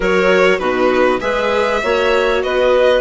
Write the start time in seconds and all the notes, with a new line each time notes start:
0.00 F#3 F#4 A#4 C#5
0.58 B2 D#4 F#4 B4
1.20 G#3 G#4 B4 E5
1.83 A#3 F#4 C#5
2.43 B3 B4 D#5